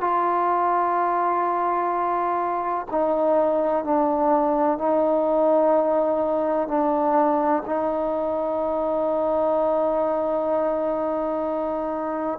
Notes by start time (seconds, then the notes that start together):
0.00 F4
2.91 D#4
3.84 D4
4.78 D#4
6.68 D4
7.66 D#4